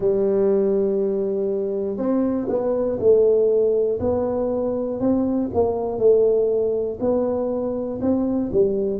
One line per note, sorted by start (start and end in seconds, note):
0.00 1.97 G3
1.97 2.47 C4
2.49 2.99 B3
2.99 3.99 A3
4.00 5.00 B3
5.00 5.50 C4
5.54 5.98 A#3
5.98 6.98 A3
7.00 8.00 B3
8.00 8.50 C4
8.52 8.99 G3